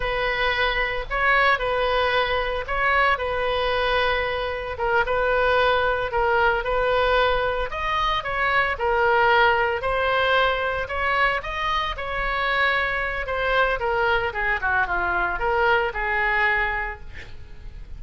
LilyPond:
\new Staff \with { instrumentName = "oboe" } { \time 4/4 \tempo 4 = 113 b'2 cis''4 b'4~ | b'4 cis''4 b'2~ | b'4 ais'8 b'2 ais'8~ | ais'8 b'2 dis''4 cis''8~ |
cis''8 ais'2 c''4.~ | c''8 cis''4 dis''4 cis''4.~ | cis''4 c''4 ais'4 gis'8 fis'8 | f'4 ais'4 gis'2 | }